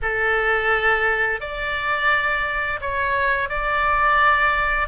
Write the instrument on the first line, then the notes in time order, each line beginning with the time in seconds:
oboe
0.02 A4
1.40 D5
2.80 C#5
3.49 D5